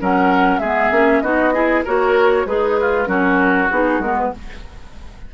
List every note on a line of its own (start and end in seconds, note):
0.00 0.59 F#3
0.00 0.62 C#4
0.00 0.61 A#4
0.00 0.59 F#5
0.59 0.90 G#3
0.59 0.93 B3
0.59 1.23 G#4
0.59 1.21 E5
0.91 1.22 A#3
0.91 1.24 C#4
1.21 1.84 B3
1.21 1.54 D#4
1.21 1.53 F#4
1.21 1.83 D#5
1.53 1.85 E4
1.53 1.84 G#4
1.84 2.45 A#3
1.84 2.47 F#4
1.84 2.46 A#4
1.84 2.47 C#5
2.45 3.07 G#3
2.45 2.80 D#4
2.45 3.06 G#4
2.45 3.07 B4
2.81 3.08 F4
3.06 3.69 F#3
3.06 3.68 C#4
3.06 4.32 F#4
3.06 3.69 A#4
3.70 3.99 B3
3.70 4.03 D#4
3.70 4.01 G#4
3.99 4.30 G#3
3.99 4.34 B3
3.99 4.17 A#4
4.18 4.34 B4